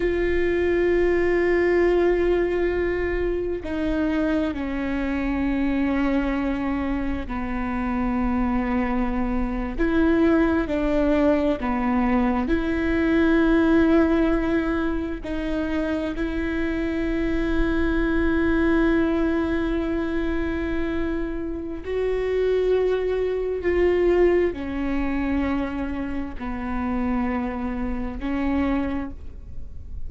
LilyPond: \new Staff \with { instrumentName = "viola" } { \time 4/4 \tempo 4 = 66 f'1 | dis'4 cis'2. | b2~ b8. e'4 d'16~ | d'8. b4 e'2~ e'16~ |
e'8. dis'4 e'2~ e'16~ | e'1 | fis'2 f'4 cis'4~ | cis'4 b2 cis'4 | }